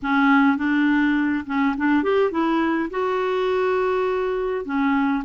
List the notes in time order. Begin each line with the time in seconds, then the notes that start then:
0.02 C#4
0.57 D4
1.46 C#4
1.77 D4
2.03 G4
2.31 E4
2.90 F#4
4.65 C#4